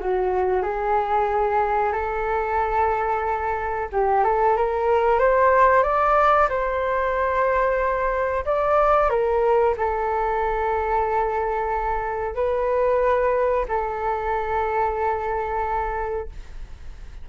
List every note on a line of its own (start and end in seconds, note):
0.00 0.63 F#4
0.63 1.93 G#4
1.93 3.88 A4
3.92 4.24 G4
4.24 4.57 A4
4.57 5.19 A#4
5.19 5.83 C5
5.83 6.48 D5
6.49 8.45 C5
8.45 9.09 D5
9.09 9.75 A#4
9.77 12.35 A4
12.35 13.66 B4
13.68 16.29 A4